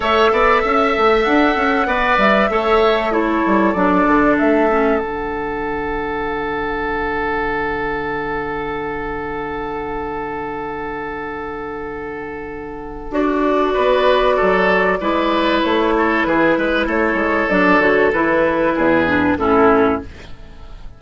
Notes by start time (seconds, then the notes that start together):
0.00 A3 A4 C#5 E5
0.31 B3 D5
0.62 C#4 E5
0.97 A3
1.23 D4 F#5
1.55 C#4
1.86 B3 B4 D5
2.17 G3 E5
2.49 A3 A4 C#5
3.11 E4 A4 C#5
3.46 G3
3.73 F#3 D4 D5
4.07 D3
4.38 A3 E5
4.70 C#4
4.99 D3 D4 F#5
13.10 D4 F#4 D5
13.73 B3 B4
14.36 F#3 A4
15.00 G#3 E4 B4
15.61 A3 C#5
15.97 A4
16.24 E3 G#4 B4
16.57 G#3 B4
16.86 A3 A4 C#5
17.14 G#3
17.49 F#3 D4 D5
17.79 D3 F#4 C#5
18.12 E3 E4 B4
18.75 E2 G#4
19.07 D4
19.37 A2 C#4 E4 A4